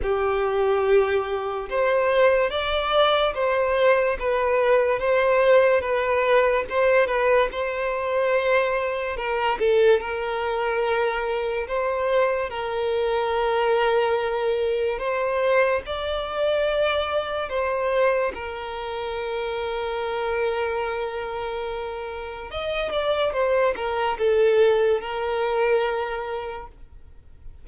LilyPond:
\new Staff \with { instrumentName = "violin" } { \time 4/4 \tempo 4 = 72 g'2 c''4 d''4 | c''4 b'4 c''4 b'4 | c''8 b'8 c''2 ais'8 a'8 | ais'2 c''4 ais'4~ |
ais'2 c''4 d''4~ | d''4 c''4 ais'2~ | ais'2. dis''8 d''8 | c''8 ais'8 a'4 ais'2 | }